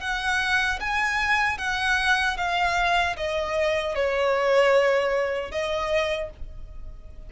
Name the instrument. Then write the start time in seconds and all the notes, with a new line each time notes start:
violin
0.00 F#5
0.80 G#5
1.58 F#5
2.37 F5
3.16 D#5
3.95 C#5
5.51 D#5